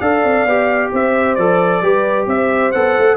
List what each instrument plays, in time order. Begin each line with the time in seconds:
0.00 tuba D4, trombone A4, horn D5, trumpet F5
0.23 tuba C4
0.45 tuba B3, trombone G4
0.92 tuba C4, horn C5, trumpet E5
1.35 tuba F3, trombone A4, trumpet D5
1.82 tuba G3, trombone G4, horn B4
2.26 tuba C4, horn C5, trumpet E5
2.72 tuba B3, trombone A4, trumpet F#5
2.98 tuba A3